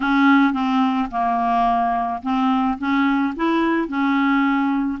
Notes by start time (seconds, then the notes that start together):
0.00 C#4
0.53 C4
1.11 A#3
2.22 C4
2.78 C#4
3.35 E4
3.88 C#4